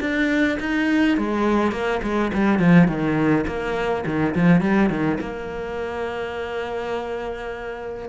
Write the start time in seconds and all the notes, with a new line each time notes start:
0.00 D4
0.60 D#4
1.17 G#3
1.72 A#3
2.03 G#3
2.33 G3
2.59 F3
2.88 D#3
3.47 A#3
4.06 D#3
4.35 F3
4.61 G3
4.90 D#3
5.21 A#3